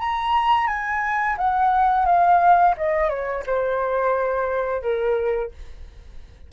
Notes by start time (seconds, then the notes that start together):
0.00 A#5
0.67 G#5
1.38 F#5
2.06 F5
2.78 D#5
3.10 C#5
3.47 C5
4.83 A#4